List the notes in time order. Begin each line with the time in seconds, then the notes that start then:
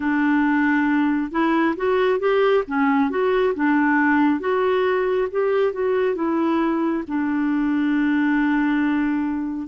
0.00 D4
1.31 E4
1.76 F#4
2.19 G4
2.67 C#4
3.10 F#4
3.54 D4
4.40 F#4
5.31 G4
5.72 F#4
6.15 E4
7.07 D4